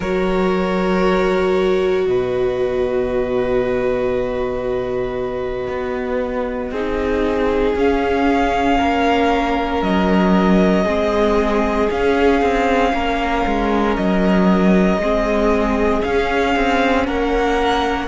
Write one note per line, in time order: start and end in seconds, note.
0.00 2.06 F#3
0.00 6.74 F#4
0.00 2.06 A#4
0.00 2.06 C#5
2.06 5.67 B2
2.06 6.71 B4
2.06 7.75 D#5
5.67 6.71 B3
6.71 7.74 C4
6.71 7.75 D#4
6.71 8.78 G#4
7.75 8.78 C#4
7.75 10.86 C#4
7.75 9.82 F5
8.78 9.81 A#3
8.78 10.84 A#4
9.81 10.85 F#3
9.81 11.89 D#5
10.84 11.88 G#3
10.84 11.89 C4
10.84 12.91 G#4
11.90 12.41 C#4
11.90 15.01 C#4
11.90 13.95 F5
12.41 12.93 C4
12.93 13.45 A#3
12.93 15.01 A#4
13.45 13.97 G#3
13.95 14.97 F#3
13.95 16.02 D#5
14.97 16.01 G#3
14.97 16.02 C4
14.97 17.06 G#4
16.02 18.07 C#4
16.02 16.55 C#4
16.02 17.06 F5
16.55 17.07 C4
17.06 18.07 A#3
17.06 18.07 A#4
17.06 18.07 F#5